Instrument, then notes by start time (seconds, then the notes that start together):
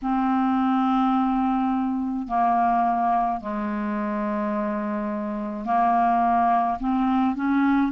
clarinet
0.02 C4
2.27 A#3
3.40 G#3
5.64 A#3
6.79 C4
7.35 C#4